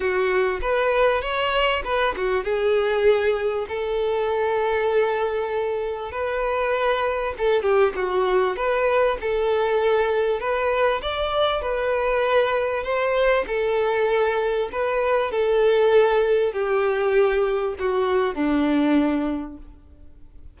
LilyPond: \new Staff \with { instrumentName = "violin" } { \time 4/4 \tempo 4 = 98 fis'4 b'4 cis''4 b'8 fis'8 | gis'2 a'2~ | a'2 b'2 | a'8 g'8 fis'4 b'4 a'4~ |
a'4 b'4 d''4 b'4~ | b'4 c''4 a'2 | b'4 a'2 g'4~ | g'4 fis'4 d'2 | }